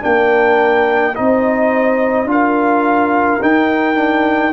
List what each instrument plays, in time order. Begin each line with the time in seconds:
0.00 tuba A#3, trombone D4, horn A#4, trumpet G5
1.15 tuba C4, trombone D#4, horn C5, trumpet D#5
2.25 tuba D4, trombone F4
2.31 horn A#4, trumpet F5
3.42 tuba D#4, trombone D#4, trumpet G5
3.95 trombone D4